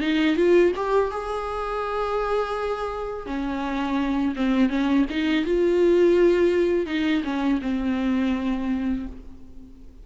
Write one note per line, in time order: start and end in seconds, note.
0.00 0.36 D#4
0.36 0.72 F4
0.76 1.10 G4
1.10 3.26 G#4
3.26 4.34 C#4
4.35 4.69 C4
4.69 5.05 C#4
5.09 5.44 D#4
5.44 6.86 F4
6.86 7.22 D#4
7.23 7.59 C#4
7.61 9.06 C4